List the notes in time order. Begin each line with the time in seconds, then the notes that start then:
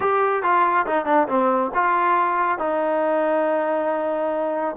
0.00 G4
0.42 F4
0.86 D#4
1.05 D4
1.28 C4
1.74 F4
2.58 D#4